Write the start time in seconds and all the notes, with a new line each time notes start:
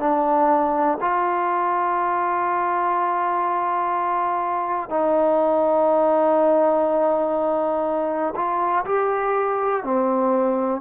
0.00 D4
1.01 F4
4.90 D#4
8.36 F4
8.86 G4
9.84 C4